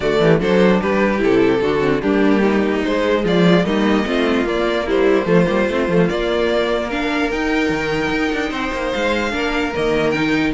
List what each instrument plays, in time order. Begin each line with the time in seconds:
0.00 cello D3, viola A3, violin F#4 D5
0.20 cello E3, violin G4
0.40 cello F#3, viola D4, violin A4 C5
0.80 cello G3, violin G4 B4
1.18 cello C3, viola E4, violin A4
1.61 cello D3, viola D4, violin F#4
1.80 viola C4
2.01 cello G3, viola A#3, violin D4 G4
2.41 violin D#4
2.84 cello G#3, viola G#3, violin C5
3.24 cello F3, violin F4 D5
3.64 cello G3, viola A#3, violin D#4 D#5
4.05 cello A3, viola C4, violin F4
4.45 cello A#3, viola A#3, violin D5
4.86 viola G3, violin E4 C5
5.25 cello F3, viola A3, violin F4
5.45 cello G3, viola A#3
5.68 cello A3, viola C4
5.88 cello F3, viola A3
6.09 viola A#3, cello A#3, violin D5
6.87 viola D4, violin A#4 F5
7.30 cello D#4, viola D#4, violin G5
7.69 cello D#3
8.10 cello D#4
8.32 cello D4
8.50 cello C4, violin C5
8.72 cello A#3
8.92 cello G#3, violin F5
9.31 cello A#3, viola D4, violin A#4
9.75 cello D#3, viola A#3, violin D#5
10.10 viola D#4, violin G5